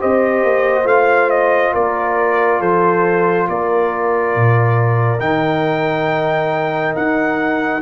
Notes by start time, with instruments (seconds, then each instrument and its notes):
0.00 tuba C4, trombone G4, horn C5, trumpet D#5
0.44 tuba A#3
0.84 tuba A3, trombone F4, trumpet F5
1.30 trumpet D#5
1.74 tuba A#3, horn A#4, trumpet D5
2.60 tuba F3, horn A4, trumpet C5
3.49 tuba A#3, horn A#4, trumpet D5
4.36 tuba A#2
5.20 tuba D#3, trombone D#4, trumpet G5
6.96 tuba D#4, trumpet F#5